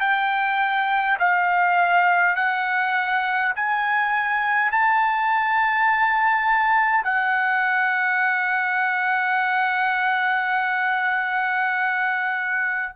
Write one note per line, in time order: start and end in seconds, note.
0.00 1.18 G5
1.19 2.36 F5
2.36 3.53 F#5
3.56 4.72 G#5
4.72 7.04 A5
7.04 12.93 F#5